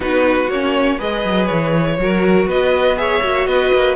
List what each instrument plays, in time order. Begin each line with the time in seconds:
0.00 cello B3, viola D#4, violin F#4 B4
0.48 cello A#3, viola C#4, violin C#5
0.97 cello G#3, viola G#4, violin B4 D#5
1.24 cello F#3
1.46 cello E3, violin C#5
1.98 cello F#3, viola F#4, violin A#4
2.46 cello B3, violin B4 D#5
2.96 viola G#4, violin C#5 E5
3.22 cello A#3, viola F#4
3.46 cello B3, violin B4 D#5
3.73 cello A#3